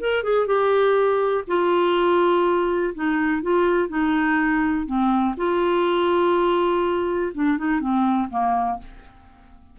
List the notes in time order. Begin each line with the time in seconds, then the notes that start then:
0.00 A#4
0.24 G#4
0.47 G4
1.47 F4
2.95 D#4
3.43 F4
3.89 D#4
4.86 C4
5.37 F4
7.34 D4
7.58 D#4
7.80 C4
8.30 A#3